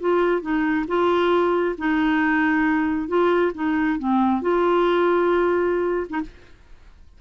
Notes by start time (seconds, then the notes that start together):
0.00 F4
0.42 D#4
0.87 F4
1.78 D#4
3.08 F4
3.55 D#4
3.99 C4
4.42 F4
6.10 D#4